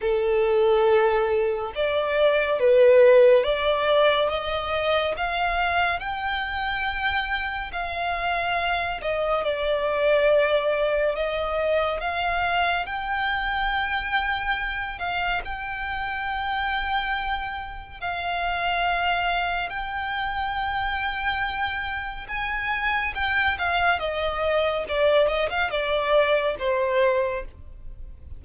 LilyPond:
\new Staff \with { instrumentName = "violin" } { \time 4/4 \tempo 4 = 70 a'2 d''4 b'4 | d''4 dis''4 f''4 g''4~ | g''4 f''4. dis''8 d''4~ | d''4 dis''4 f''4 g''4~ |
g''4. f''8 g''2~ | g''4 f''2 g''4~ | g''2 gis''4 g''8 f''8 | dis''4 d''8 dis''16 f''16 d''4 c''4 | }